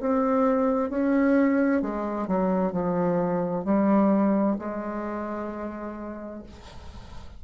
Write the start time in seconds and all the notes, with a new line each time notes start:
0.00 C4
0.89 C#4
1.81 G#3
2.27 F#3
2.72 F3
3.64 G3
4.58 G#3